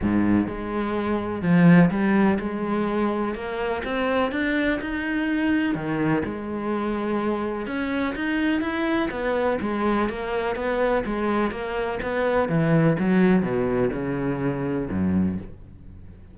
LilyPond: \new Staff \with { instrumentName = "cello" } { \time 4/4 \tempo 4 = 125 gis,4 gis2 f4 | g4 gis2 ais4 | c'4 d'4 dis'2 | dis4 gis2. |
cis'4 dis'4 e'4 b4 | gis4 ais4 b4 gis4 | ais4 b4 e4 fis4 | b,4 cis2 fis,4 | }